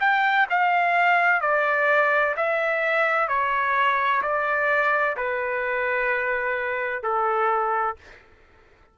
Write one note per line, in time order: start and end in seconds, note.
0.00 0.47 G5
0.50 1.41 F5
1.41 2.35 D5
2.37 3.28 E5
3.28 4.22 C#5
4.22 5.16 D5
5.16 7.03 B4
7.03 7.96 A4